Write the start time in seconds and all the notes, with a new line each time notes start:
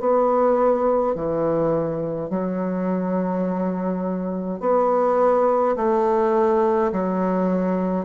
0.00 B3
1.15 E3
2.30 F#3
4.61 B3
5.76 A3
6.92 F#3